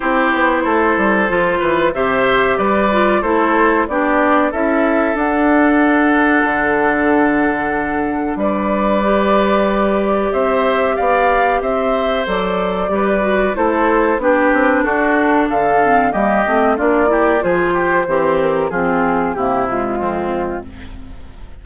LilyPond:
<<
  \new Staff \with { instrumentName = "flute" } { \time 4/4 \tempo 4 = 93 c''2. e''4 | d''4 c''4 d''4 e''4 | fis''1~ | fis''4 d''2. |
e''4 f''4 e''4 d''4~ | d''4 c''4 b'4 a'4 | f''4 dis''4 d''4 c''4~ | c''8 ais'8 gis'4 g'8 f'4. | }
  \new Staff \with { instrumentName = "oboe" } { \time 4/4 g'4 a'4. b'8 c''4 | b'4 a'4 g'4 a'4~ | a'1~ | a'4 b'2. |
c''4 d''4 c''2 | b'4 a'4 g'4 fis'4 | a'4 g'4 f'8 g'8 gis'8 g'8 | c'4 f'4 e'4 c'4 | }
  \new Staff \with { instrumentName = "clarinet" } { \time 4/4 e'2 f'4 g'4~ | g'8 f'8 e'4 d'4 e'4 | d'1~ | d'2 g'2~ |
g'2. a'4 | g'8 fis'8 e'4 d'2~ | d'8 c'8 ais8 c'8 d'8 e'8 f'4 | g'4 c'4 ais8 gis4. | }
  \new Staff \with { instrumentName = "bassoon" } { \time 4/4 c'8 b8 a8 g8 f8 e8 c4 | g4 a4 b4 cis'4 | d'2 d2~ | d4 g2. |
c'4 b4 c'4 fis4 | g4 a4 b8 c'8 d'4 | d4 g8 a8 ais4 f4 | e4 f4 c4 f,4 | }
>>